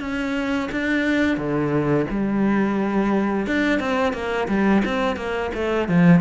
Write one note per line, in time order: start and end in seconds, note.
0.00 0.69 C#4
0.71 1.37 D4
1.37 2.06 D3
2.10 3.46 G3
3.46 3.79 D4
3.79 4.13 C4
4.13 4.47 A#3
4.48 4.82 G3
4.84 5.16 C4
5.16 5.50 A#3
5.54 5.88 A3
5.88 6.20 F3